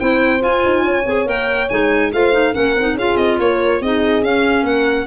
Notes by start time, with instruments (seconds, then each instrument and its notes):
0.00 tuba C4, clarinet E4, horn C5, violin G5
0.40 clarinet F4, tuba F4, violin G#5
0.65 tuba D#4
0.84 tuba C#4, horn C#5
1.06 tuba C4, clarinet G#4
1.26 tuba A#3, clarinet A#4, violin G5
1.69 tuba G#3, clarinet D#4, violin G#5
2.13 tuba A3, clarinet F4, horn C5, violin F5
2.32 clarinet D#4
2.53 tuba A#3, clarinet C#4, horn A#4, violin F#5
2.76 tuba C4, clarinet D#4
2.95 tuba C#4, clarinet F4, horn G#4, violin F5
3.17 tuba C4, violin D#5
3.39 tuba A#3, horn A#4, violin C#5
3.81 tuba C4, clarinet D#4, horn G#4, violin D#5
4.23 tuba C#4, clarinet C#4, violin F5
4.63 tuba A#3, horn A#4, violin F#5